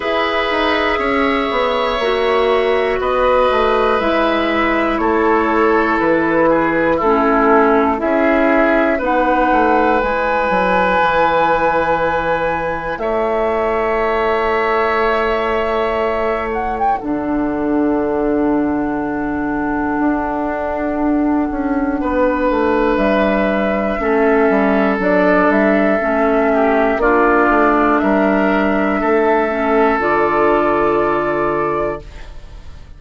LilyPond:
<<
  \new Staff \with { instrumentName = "flute" } { \time 4/4 \tempo 4 = 60 e''2. dis''4 | e''4 cis''4 b'4 a'4 | e''4 fis''4 gis''2~ | gis''4 e''2.~ |
e''8 fis''16 g''16 fis''2.~ | fis''2. e''4~ | e''4 d''8 e''4. d''4 | e''2 d''2 | }
  \new Staff \with { instrumentName = "oboe" } { \time 4/4 b'4 cis''2 b'4~ | b'4 a'4. gis'8 e'4 | gis'4 b'2.~ | b'4 cis''2.~ |
cis''4 a'2.~ | a'2 b'2 | a'2~ a'8 g'8 f'4 | ais'4 a'2. | }
  \new Staff \with { instrumentName = "clarinet" } { \time 4/4 gis'2 fis'2 | e'2. cis'4 | e'4 dis'4 e'2~ | e'1~ |
e'4 d'2.~ | d'1 | cis'4 d'4 cis'4 d'4~ | d'4. cis'8 f'2 | }
  \new Staff \with { instrumentName = "bassoon" } { \time 4/4 e'8 dis'8 cis'8 b8 ais4 b8 a8 | gis4 a4 e4 a4 | cis'4 b8 a8 gis8 fis8 e4~ | e4 a2.~ |
a4 d2. | d'4. cis'8 b8 a8 g4 | a8 g8 fis8 g8 a4 ais8 a8 | g4 a4 d2 | }
>>